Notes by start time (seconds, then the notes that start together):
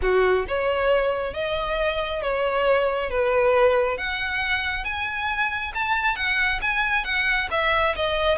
0.01 F#4
0.47 C#5
1.33 D#5
2.22 C#5
3.10 B4
3.97 F#5
4.84 G#5
5.74 A5
6.16 F#5
6.61 G#5
7.04 F#5
7.51 E5
7.95 D#5